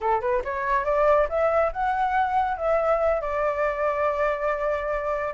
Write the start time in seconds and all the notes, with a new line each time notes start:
0.00 A4
0.20 B4
0.44 C#5
0.85 D5
1.29 E5
1.72 F#5
2.57 E5
3.21 D5